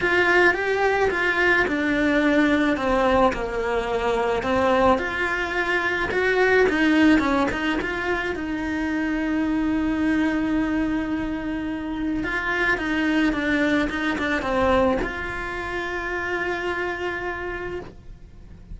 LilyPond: \new Staff \with { instrumentName = "cello" } { \time 4/4 \tempo 4 = 108 f'4 g'4 f'4 d'4~ | d'4 c'4 ais2 | c'4 f'2 fis'4 | dis'4 cis'8 dis'8 f'4 dis'4~ |
dis'1~ | dis'2 f'4 dis'4 | d'4 dis'8 d'8 c'4 f'4~ | f'1 | }